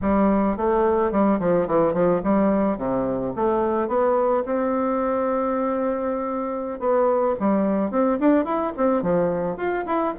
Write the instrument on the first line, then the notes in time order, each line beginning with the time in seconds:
bassoon
0.01 G3
0.56 A3
1.11 G3
1.39 F3
1.67 E3
1.93 F3
2.23 G3
2.77 C3
3.35 A3
3.88 B3
4.45 C4
6.79 B3
7.39 G3
7.90 C4
8.19 D4
8.44 E4
8.76 C4
9.02 F3
9.56 F4
9.86 E4